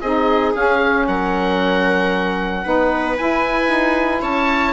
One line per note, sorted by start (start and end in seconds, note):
0.00 0.54 C4
0.00 0.55 D#4
0.00 1.06 G#4
0.00 0.53 D#5
0.54 1.07 C#4
0.54 2.64 C#4
0.54 1.07 F5
1.07 2.65 F#3
1.07 2.64 A#4
1.07 3.17 F#5
2.64 3.17 B3
2.64 3.16 D#4
2.64 4.21 B4
3.16 4.73 E4
3.16 3.68 E4
3.16 4.23 G#5
3.68 4.21 D#4
4.21 4.73 C#4
4.21 4.73 C#5
4.21 4.73 A5